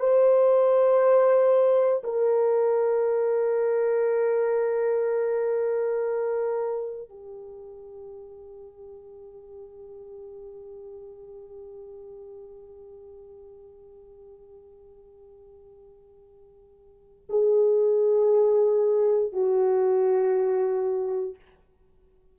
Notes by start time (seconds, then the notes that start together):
0.00 C5
2.04 A#4
7.10 G4
17.30 G#4
19.33 F#4